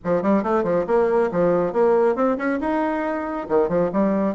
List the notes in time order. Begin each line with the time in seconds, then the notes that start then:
0.04 F3
0.22 G3
0.43 A3
0.63 F3
0.87 A#3
1.31 F3
1.73 A#3
2.15 C4
2.37 C#4
2.60 D#4
3.48 D#3
3.68 F3
3.92 G3